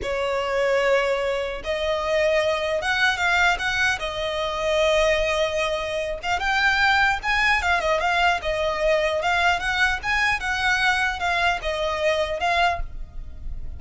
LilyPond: \new Staff \with { instrumentName = "violin" } { \time 4/4 \tempo 4 = 150 cis''1 | dis''2. fis''4 | f''4 fis''4 dis''2~ | dis''2.~ dis''8 f''8 |
g''2 gis''4 f''8 dis''8 | f''4 dis''2 f''4 | fis''4 gis''4 fis''2 | f''4 dis''2 f''4 | }